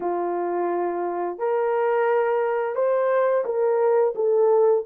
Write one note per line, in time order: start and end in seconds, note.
0.00 1.38 F4
1.38 2.75 A#4
2.75 3.44 C5
3.45 4.14 A#4
4.15 4.84 A4